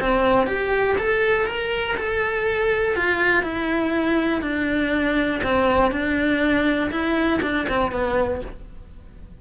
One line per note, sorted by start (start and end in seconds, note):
0.00 0.47 C4
0.47 0.96 G4
0.98 1.47 A4
1.47 1.96 A#4
1.97 2.95 A4
2.95 3.43 F4
3.43 4.42 E4
4.42 5.41 D4
5.43 5.91 C4
5.91 6.90 D4
6.91 7.40 E4
7.42 7.67 D4
7.69 7.92 C4
7.92 8.41 B3